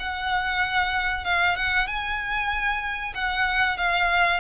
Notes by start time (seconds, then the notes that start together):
0.00 F#5
1.25 F5
1.56 F#5
1.87 G#5
3.15 F#5
3.78 F5